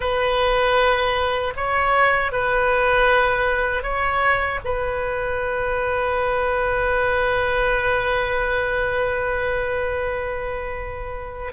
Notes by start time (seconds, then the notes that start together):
0.00 B4
1.56 C#5
2.32 B4
3.82 C#5
4.64 B4